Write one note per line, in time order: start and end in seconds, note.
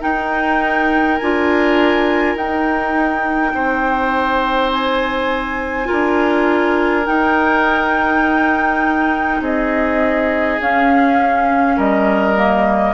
0.00 1.18 D#4
0.00 1.21 D#4
0.00 3.53 A#4
0.00 1.18 G5
1.18 2.36 D4
1.18 2.37 F4
1.18 2.36 G#5
2.36 3.53 D#4
2.36 5.86 D#4
2.36 4.72 G5
3.54 5.89 C4
3.54 5.88 C5
4.73 7.07 G#5
5.86 7.03 F4
5.86 9.41 A#4
5.92 7.08 D4
7.06 10.59 D#4
7.06 9.41 D#4
7.06 9.42 G5
9.41 10.59 C4
9.41 11.77 G#4
9.41 10.61 D#5
10.60 11.77 C#4
10.60 12.37 C#4
10.60 11.79 F5
11.77 12.95 G3
11.77 12.94 A#4
11.77 12.95 D#5
12.37 12.95 A#3